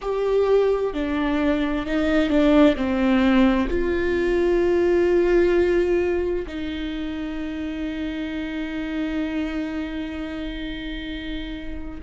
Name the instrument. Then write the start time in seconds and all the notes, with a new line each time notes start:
viola
0.01 G4
0.93 D4
1.86 D#4
2.29 D4
2.76 C4
3.69 F4
6.46 D#4